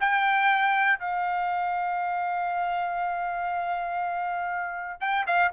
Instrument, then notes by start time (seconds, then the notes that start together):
trumpet
0.00 G5
0.99 F5
5.00 G5
5.27 F5